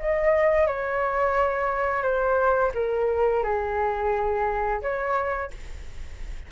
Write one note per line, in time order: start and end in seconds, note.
0.00 0.67 D#5
0.67 2.03 C#5
2.03 2.72 C5
2.75 3.44 A#4
3.44 4.82 G#4
4.82 5.51 C#5